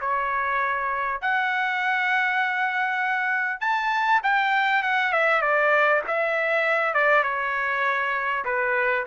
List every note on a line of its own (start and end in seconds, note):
0.00 1.21 C#5
1.21 3.60 F#5
3.60 4.21 A5
4.23 4.83 G5
4.83 5.12 F#5
5.12 5.41 E5
5.41 6.02 D5
6.07 6.94 E5
6.94 7.23 D5
7.23 8.44 C#5
8.45 9.06 B4